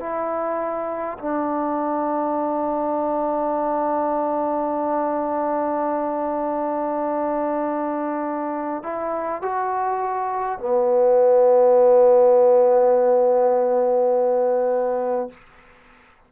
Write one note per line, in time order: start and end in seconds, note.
0.00 1.18 E4
1.18 8.83 D4
8.83 9.42 E4
9.42 10.59 F#4
10.59 15.29 B3